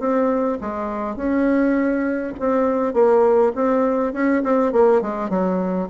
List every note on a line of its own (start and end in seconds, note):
0.00 0.59 C4
0.61 1.17 G#3
1.17 2.34 C#4
2.40 2.94 C4
2.94 3.53 A#3
3.56 4.14 C4
4.14 4.43 C#4
4.44 4.73 C4
4.73 5.02 A#3
5.02 5.30 G#3
5.30 5.89 F#3